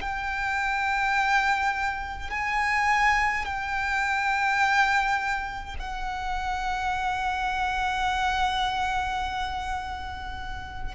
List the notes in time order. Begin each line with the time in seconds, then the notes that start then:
0.00 G5
2.30 G#5
3.45 G5
5.78 F#5